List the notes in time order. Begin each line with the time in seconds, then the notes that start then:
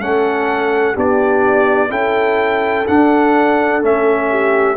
0.00 A3 C#4 A4 F#5
0.93 B3 D4 G4 D5
1.89 C#4 E4 A4 G5
2.87 D4 F#5
3.81 A3 C#4 E5
4.30 G4